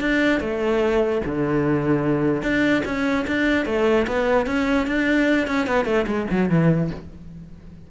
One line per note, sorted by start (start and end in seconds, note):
0.00 0.40 D4
0.40 1.21 A3
1.25 2.42 D3
2.42 2.83 D4
2.85 3.25 C#4
3.27 3.65 D4
3.65 4.06 A3
4.07 4.46 B3
4.46 4.86 C#4
4.86 5.47 D4
5.47 5.66 C#4
5.66 5.85 B3
5.85 6.05 A3
6.06 6.27 G#3
6.31 6.49 F#3
6.49 6.90 E3